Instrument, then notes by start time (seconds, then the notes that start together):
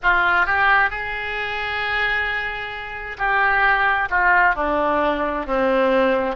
oboe
0.02 F4
0.45 G4
0.90 G#4
3.17 G4
4.10 F4
4.55 D4
5.46 C4